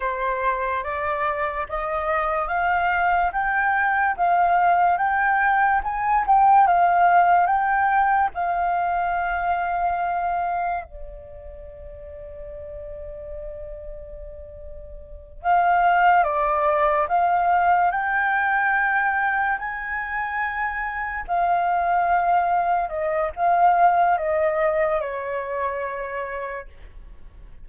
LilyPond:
\new Staff \with { instrumentName = "flute" } { \time 4/4 \tempo 4 = 72 c''4 d''4 dis''4 f''4 | g''4 f''4 g''4 gis''8 g''8 | f''4 g''4 f''2~ | f''4 d''2.~ |
d''2~ d''8 f''4 d''8~ | d''8 f''4 g''2 gis''8~ | gis''4. f''2 dis''8 | f''4 dis''4 cis''2 | }